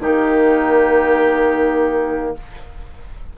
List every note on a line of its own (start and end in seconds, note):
0.00 2.34 D#3
0.00 2.37 A#3
0.00 2.34 D#4
0.00 2.36 G4